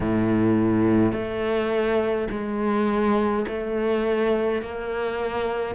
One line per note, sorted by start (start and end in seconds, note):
0.00 1.12 A2
1.12 2.28 A3
2.30 3.45 G#3
3.48 4.62 A3
4.62 5.75 A#3